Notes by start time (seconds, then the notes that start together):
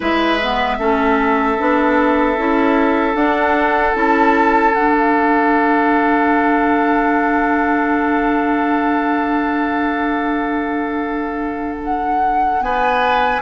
0.00 G#3 E4 B4 E5
0.42 B3
0.78 A3 C#4 A4
1.58 B3 D4
2.37 C#4 E4
3.14 D4 F#5
3.93 C#4 E4 A5
4.73 D4 F#5
4.92 F5
11.83 F#5
12.61 B3 B4 G#5